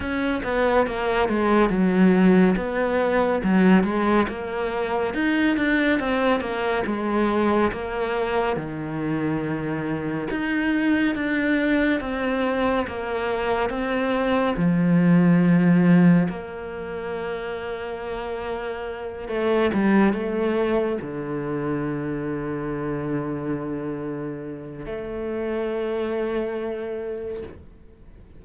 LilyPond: \new Staff \with { instrumentName = "cello" } { \time 4/4 \tempo 4 = 70 cis'8 b8 ais8 gis8 fis4 b4 | fis8 gis8 ais4 dis'8 d'8 c'8 ais8 | gis4 ais4 dis2 | dis'4 d'4 c'4 ais4 |
c'4 f2 ais4~ | ais2~ ais8 a8 g8 a8~ | a8 d2.~ d8~ | d4 a2. | }